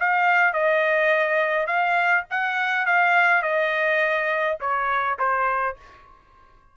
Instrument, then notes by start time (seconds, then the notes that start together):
trumpet
0.00 F5
0.54 D#5
1.67 F5
2.31 F#5
2.86 F5
3.43 D#5
4.61 C#5
5.19 C5